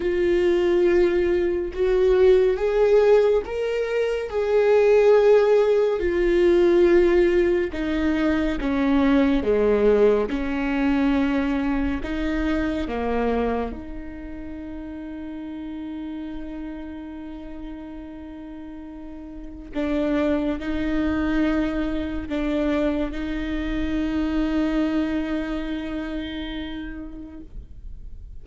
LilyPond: \new Staff \with { instrumentName = "viola" } { \time 4/4 \tempo 4 = 70 f'2 fis'4 gis'4 | ais'4 gis'2 f'4~ | f'4 dis'4 cis'4 gis4 | cis'2 dis'4 ais4 |
dis'1~ | dis'2. d'4 | dis'2 d'4 dis'4~ | dis'1 | }